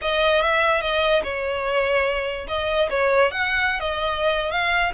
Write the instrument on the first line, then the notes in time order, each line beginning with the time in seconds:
violin
0.01 D#5
0.41 E5
0.81 D#5
1.23 C#5
2.47 D#5
2.90 C#5
3.31 F#5
3.80 D#5
4.51 F5